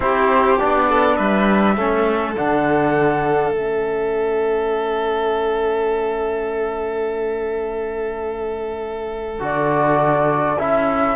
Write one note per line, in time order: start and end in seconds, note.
0.00 0.58 C4
0.00 0.57 E4
0.00 0.89 G4
0.00 0.58 C5
0.58 1.18 B3
0.58 1.76 D4
0.58 1.15 D5
0.89 1.16 A4
1.15 1.77 G3
1.15 1.74 B4
1.15 2.33 E5
1.76 2.36 A3
1.76 2.36 C#4
1.76 11.15 A4
2.36 3.50 D3
2.36 3.54 D4
2.36 3.51 F#5
3.50 9.38 A3
3.50 9.39 C#4
3.50 9.39 E5
9.39 10.58 D3
9.39 10.57 F#4
9.39 10.59 D5
10.59 11.15 C#4
10.59 11.15 E4
10.59 11.15 E5